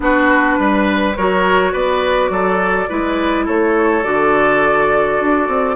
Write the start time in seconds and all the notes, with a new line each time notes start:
0.00 B3 D4 F#4 B4
0.59 G3 B4
1.16 F#3 F#4 A#4 C#5
1.72 B3 B4 D5
2.29 F#3 A4
2.89 G#3 E4 B4
3.45 A3 A4 C#5
4.04 D3 F#4 D5
5.20 D4
5.47 C4